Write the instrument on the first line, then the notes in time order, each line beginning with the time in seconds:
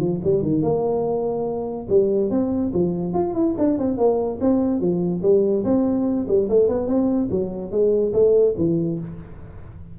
tuba
0.00 F3
0.24 G3
0.43 D#3
0.62 A#3
1.90 G3
2.31 C4
2.74 F3
3.14 F4
3.35 E4
3.58 D4
3.79 C4
3.98 A#3
4.41 C4
4.81 F3
5.23 G3
5.65 C4
6.28 G3
6.50 A3
6.69 B3
6.88 C4
7.31 F#3
7.72 G#3
8.14 A3
8.58 E3